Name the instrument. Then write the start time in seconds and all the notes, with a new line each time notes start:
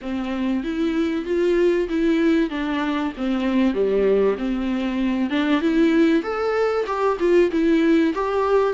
viola
0.01 C4
0.63 E4
1.25 F4
1.88 E4
2.50 D4
3.17 C4
3.74 G3
4.38 C4
5.30 D4
5.61 E4
6.22 A4
6.86 G4
7.19 F4
7.51 E4
8.14 G4